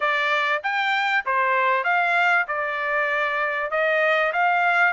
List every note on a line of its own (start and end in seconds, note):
0.00 0.62 D5
0.63 1.25 G5
1.25 1.84 C5
1.84 2.46 F5
2.47 3.70 D5
3.70 4.32 D#5
4.32 4.93 F5